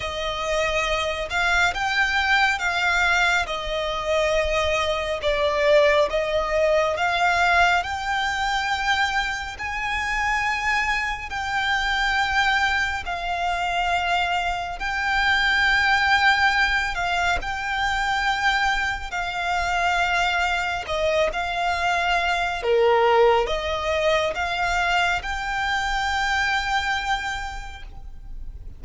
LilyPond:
\new Staff \with { instrumentName = "violin" } { \time 4/4 \tempo 4 = 69 dis''4. f''8 g''4 f''4 | dis''2 d''4 dis''4 | f''4 g''2 gis''4~ | gis''4 g''2 f''4~ |
f''4 g''2~ g''8 f''8 | g''2 f''2 | dis''8 f''4. ais'4 dis''4 | f''4 g''2. | }